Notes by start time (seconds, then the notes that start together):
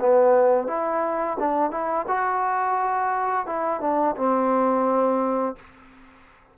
0.00 B3
0.68 E4
1.40 D4
1.71 E4
2.08 F#4
3.47 E4
3.81 D4
4.16 C4